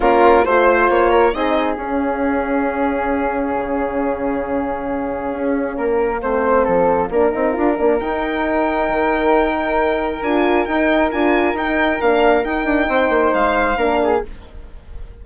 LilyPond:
<<
  \new Staff \with { instrumentName = "violin" } { \time 4/4 \tempo 4 = 135 ais'4 c''4 cis''4 dis''4 | f''1~ | f''1~ | f''1~ |
f''2 g''2~ | g''2. gis''4 | g''4 gis''4 g''4 f''4 | g''2 f''2 | }
  \new Staff \with { instrumentName = "flute" } { \time 4/4 f'4 c''4. ais'8 gis'4~ | gis'1~ | gis'1~ | gis'4 ais'4 c''4 a'4 |
ais'1~ | ais'1~ | ais'1~ | ais'4 c''2 ais'8 gis'8 | }
  \new Staff \with { instrumentName = "horn" } { \time 4/4 cis'4 f'2 dis'4 | cis'1~ | cis'1~ | cis'2 c'2 |
d'8 dis'8 f'8 d'8 dis'2~ | dis'2. f'4 | dis'4 f'4 dis'4 d'4 | dis'2. d'4 | }
  \new Staff \with { instrumentName = "bassoon" } { \time 4/4 ais4 a4 ais4 c'4 | cis'1 | cis1 | cis'4 ais4 a4 f4 |
ais8 c'8 d'8 ais8 dis'2 | dis2. d'4 | dis'4 d'4 dis'4 ais4 | dis'8 d'8 c'8 ais8 gis4 ais4 | }
>>